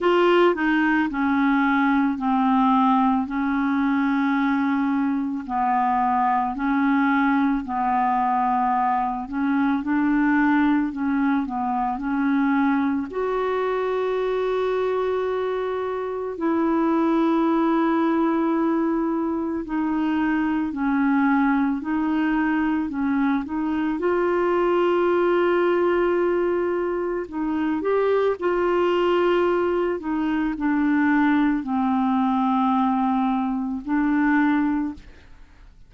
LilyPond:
\new Staff \with { instrumentName = "clarinet" } { \time 4/4 \tempo 4 = 55 f'8 dis'8 cis'4 c'4 cis'4~ | cis'4 b4 cis'4 b4~ | b8 cis'8 d'4 cis'8 b8 cis'4 | fis'2. e'4~ |
e'2 dis'4 cis'4 | dis'4 cis'8 dis'8 f'2~ | f'4 dis'8 g'8 f'4. dis'8 | d'4 c'2 d'4 | }